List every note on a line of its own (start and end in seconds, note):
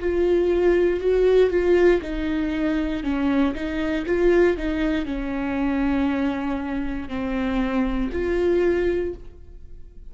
0.00 1.00 F4
1.00 1.50 F#4
1.50 2.01 F4
2.02 3.04 D#4
3.04 3.55 C#4
3.55 4.05 D#4
4.06 4.57 F4
4.57 5.06 D#4
5.06 7.09 C#4
7.09 8.10 C4
8.13 9.14 F4